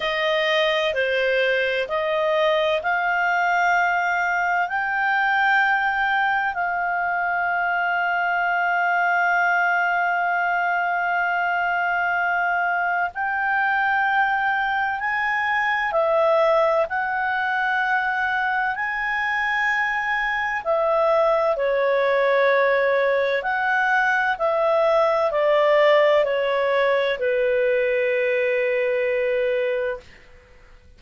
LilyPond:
\new Staff \with { instrumentName = "clarinet" } { \time 4/4 \tempo 4 = 64 dis''4 c''4 dis''4 f''4~ | f''4 g''2 f''4~ | f''1~ | f''2 g''2 |
gis''4 e''4 fis''2 | gis''2 e''4 cis''4~ | cis''4 fis''4 e''4 d''4 | cis''4 b'2. | }